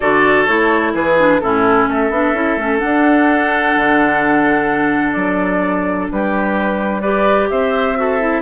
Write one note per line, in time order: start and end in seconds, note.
0.00 0.48 D3
0.00 0.47 F#4
0.00 0.92 A4
0.00 0.45 D5
0.46 0.94 A3
0.46 1.17 E4
0.46 0.92 C#5
0.94 1.40 E3
0.94 1.41 G#4
0.94 1.40 B4
1.18 1.41 D4
1.40 1.88 A2
1.40 2.12 C#4
1.40 1.89 E4
1.40 1.87 A4
1.88 2.10 A3
1.88 6.11 A4
1.88 2.78 E5
2.10 2.33 B3
2.10 2.35 D4
2.33 2.56 C#4
2.33 2.58 E4
2.56 2.79 A3
2.56 2.78 C#4
2.78 7.00 D4
2.78 5.12 F#5
2.84 3.76 D4
3.76 5.15 D3
5.12 6.09 F#3
5.12 6.06 D5
6.11 7.50 G3
6.11 7.01 G4
6.11 7.01 B4
7.01 7.96 G4
7.01 7.48 B4
7.01 7.48 D5
7.49 8.42 C4
7.49 7.98 C5
7.49 8.42 E5
7.96 8.19 F#4
7.96 8.42 A4
8.19 8.42 E4